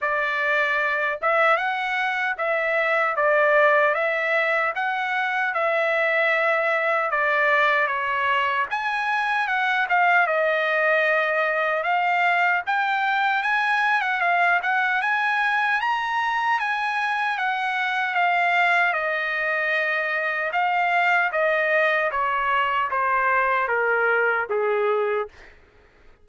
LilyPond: \new Staff \with { instrumentName = "trumpet" } { \time 4/4 \tempo 4 = 76 d''4. e''8 fis''4 e''4 | d''4 e''4 fis''4 e''4~ | e''4 d''4 cis''4 gis''4 | fis''8 f''8 dis''2 f''4 |
g''4 gis''8. fis''16 f''8 fis''8 gis''4 | ais''4 gis''4 fis''4 f''4 | dis''2 f''4 dis''4 | cis''4 c''4 ais'4 gis'4 | }